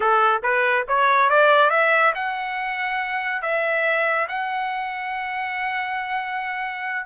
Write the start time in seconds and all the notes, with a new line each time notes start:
0.00 A4
0.42 B4
0.87 C#5
1.29 D5
1.69 E5
2.14 F#5
3.42 E5
4.28 F#5